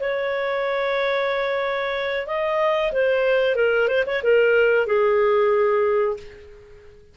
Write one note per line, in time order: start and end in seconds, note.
0.00 2.27 C#5
2.27 2.92 D#5
2.93 3.56 C5
3.56 3.88 A#4
3.88 4.04 C5
4.06 4.23 C#5
4.23 4.87 A#4
4.87 6.17 G#4